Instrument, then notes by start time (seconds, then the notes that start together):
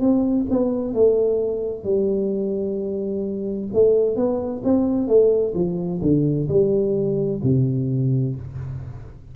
tuba
0.00 C4
0.50 B3
0.94 A3
1.84 G3
3.73 A3
4.16 B3
4.64 C4
5.08 A3
5.55 F3
6.02 D3
6.48 G3
7.43 C3